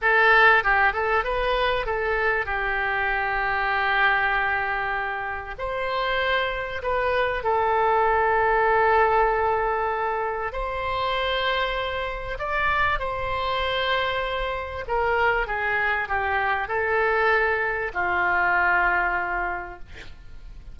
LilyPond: \new Staff \with { instrumentName = "oboe" } { \time 4/4 \tempo 4 = 97 a'4 g'8 a'8 b'4 a'4 | g'1~ | g'4 c''2 b'4 | a'1~ |
a'4 c''2. | d''4 c''2. | ais'4 gis'4 g'4 a'4~ | a'4 f'2. | }